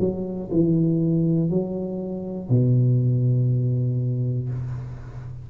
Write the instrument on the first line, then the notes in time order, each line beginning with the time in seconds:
tuba
0.00 F#3
0.51 E3
1.50 F#3
2.49 B2